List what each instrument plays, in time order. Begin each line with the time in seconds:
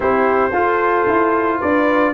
0.00 tuba C4, trombone E4, horn G4, trumpet C5
0.52 tuba F4, trombone F4, horn A4
1.07 tuba E4
1.59 tuba D4, horn B4, trumpet D5